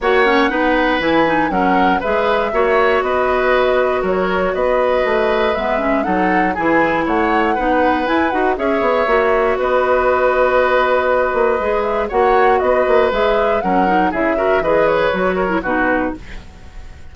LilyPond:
<<
  \new Staff \with { instrumentName = "flute" } { \time 4/4 \tempo 4 = 119 fis''2 gis''4 fis''4 | e''2 dis''2 | cis''4 dis''2 e''4 | fis''4 gis''4 fis''2 |
gis''8 fis''8 e''2 dis''4~ | dis''2.~ dis''8 e''8 | fis''4 dis''4 e''4 fis''4 | e''4 dis''8 cis''4. b'4 | }
  \new Staff \with { instrumentName = "oboe" } { \time 4/4 cis''4 b'2 ais'4 | b'4 cis''4 b'2 | ais'4 b'2. | a'4 gis'4 cis''4 b'4~ |
b'4 cis''2 b'4~ | b'1 | cis''4 b'2 ais'4 | gis'8 ais'8 b'4. ais'8 fis'4 | }
  \new Staff \with { instrumentName = "clarinet" } { \time 4/4 fis'8 cis'8 dis'4 e'8 dis'8 cis'4 | gis'4 fis'2.~ | fis'2. b8 cis'8 | dis'4 e'2 dis'4 |
e'8 fis'8 gis'4 fis'2~ | fis'2. gis'4 | fis'2 gis'4 cis'8 dis'8 | e'8 fis'8 gis'4 fis'8. e'16 dis'4 | }
  \new Staff \with { instrumentName = "bassoon" } { \time 4/4 ais4 b4 e4 fis4 | gis4 ais4 b2 | fis4 b4 a4 gis4 | fis4 e4 a4 b4 |
e'8 dis'8 cis'8 b8 ais4 b4~ | b2~ b8 ais8 gis4 | ais4 b8 ais8 gis4 fis4 | cis4 e4 fis4 b,4 | }
>>